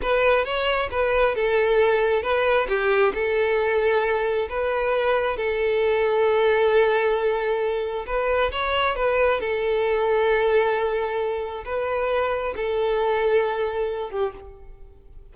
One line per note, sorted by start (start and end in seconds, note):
0.02 0.44 B4
0.44 0.89 C#5
0.91 1.35 B4
1.35 2.22 A4
2.22 2.67 B4
2.68 3.13 G4
3.14 4.48 A4
4.49 5.36 B4
5.36 8.05 A4
8.06 8.51 B4
8.51 8.95 C#5
8.95 9.40 B4
9.40 11.64 A4
11.64 12.54 B4
12.56 14.10 A4
14.10 14.32 G4